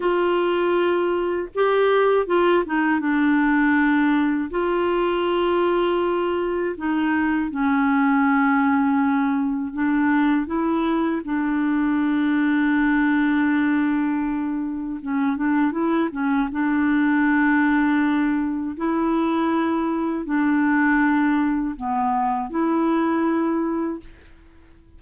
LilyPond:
\new Staff \with { instrumentName = "clarinet" } { \time 4/4 \tempo 4 = 80 f'2 g'4 f'8 dis'8 | d'2 f'2~ | f'4 dis'4 cis'2~ | cis'4 d'4 e'4 d'4~ |
d'1 | cis'8 d'8 e'8 cis'8 d'2~ | d'4 e'2 d'4~ | d'4 b4 e'2 | }